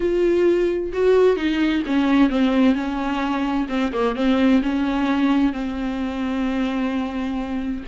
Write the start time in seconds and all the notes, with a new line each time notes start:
0.00 F4
0.93 F#4
1.36 D#4
1.86 C#4
2.29 C4
2.74 C#4
3.68 C4
3.92 A#3
4.15 C4
4.62 C#4
5.52 C4